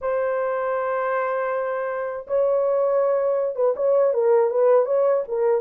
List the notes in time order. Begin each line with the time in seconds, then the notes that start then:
0.01 C5
2.27 C#5
3.55 B4
3.76 C#5
4.13 A#4
4.50 B4
4.85 C#5
5.27 A#4